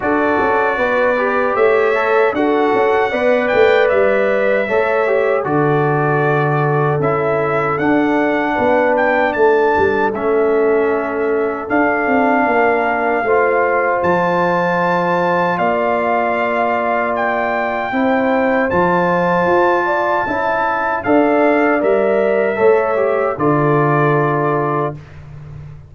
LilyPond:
<<
  \new Staff \with { instrumentName = "trumpet" } { \time 4/4 \tempo 4 = 77 d''2 e''4 fis''4~ | fis''8 g''8 e''2 d''4~ | d''4 e''4 fis''4. g''8 | a''4 e''2 f''4~ |
f''2 a''2 | f''2 g''2 | a''2. f''4 | e''2 d''2 | }
  \new Staff \with { instrumentName = "horn" } { \time 4/4 a'4 b'4 cis''4 a'4 | d''2 cis''4 a'4~ | a'2. b'4 | a'1 |
ais'4 c''2. | d''2. c''4~ | c''4. d''8 e''4 d''4~ | d''4 cis''4 a'2 | }
  \new Staff \with { instrumentName = "trombone" } { \time 4/4 fis'4. g'4 a'8 fis'4 | b'2 a'8 g'8 fis'4~ | fis'4 e'4 d'2~ | d'4 cis'2 d'4~ |
d'4 f'2.~ | f'2. e'4 | f'2 e'4 a'4 | ais'4 a'8 g'8 f'2 | }
  \new Staff \with { instrumentName = "tuba" } { \time 4/4 d'8 cis'8 b4 a4 d'8 cis'8 | b8 a8 g4 a4 d4~ | d4 cis'4 d'4 b4 | a8 g8 a2 d'8 c'8 |
ais4 a4 f2 | ais2. c'4 | f4 f'4 cis'4 d'4 | g4 a4 d2 | }
>>